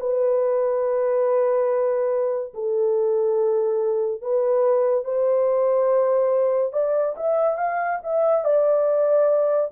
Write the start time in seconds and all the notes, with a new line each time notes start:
0.00 B4
2.54 A4
4.21 B4
5.04 C5
6.73 D5
7.16 E5
7.57 F5
8.03 E5
8.44 D5